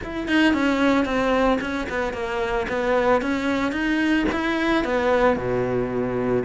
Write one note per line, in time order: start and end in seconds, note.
0.03 0.28 E4
0.28 0.53 D#4
0.53 1.05 C#4
1.05 1.58 C4
1.60 1.87 C#4
1.89 2.13 B3
2.13 2.66 A#3
2.68 3.21 B3
3.21 3.72 C#4
3.72 4.25 D#4
4.31 4.84 E4
4.84 5.36 B3
5.36 6.43 B2